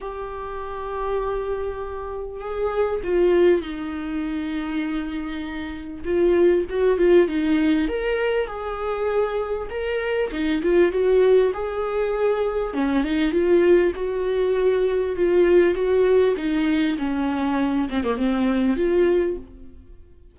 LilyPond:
\new Staff \with { instrumentName = "viola" } { \time 4/4 \tempo 4 = 99 g'1 | gis'4 f'4 dis'2~ | dis'2 f'4 fis'8 f'8 | dis'4 ais'4 gis'2 |
ais'4 dis'8 f'8 fis'4 gis'4~ | gis'4 cis'8 dis'8 f'4 fis'4~ | fis'4 f'4 fis'4 dis'4 | cis'4. c'16 ais16 c'4 f'4 | }